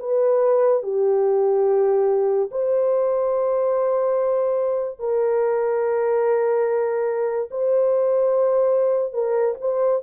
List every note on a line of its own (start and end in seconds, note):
0.00 0.83 B4
0.83 2.50 G4
2.52 5.00 C5
5.00 7.50 A#4
7.51 9.14 C5
9.14 9.55 A#4
9.61 10.03 C5